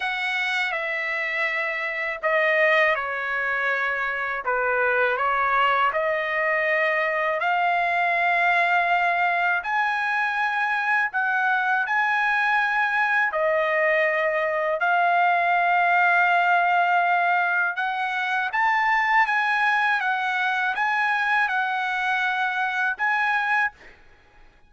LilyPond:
\new Staff \with { instrumentName = "trumpet" } { \time 4/4 \tempo 4 = 81 fis''4 e''2 dis''4 | cis''2 b'4 cis''4 | dis''2 f''2~ | f''4 gis''2 fis''4 |
gis''2 dis''2 | f''1 | fis''4 a''4 gis''4 fis''4 | gis''4 fis''2 gis''4 | }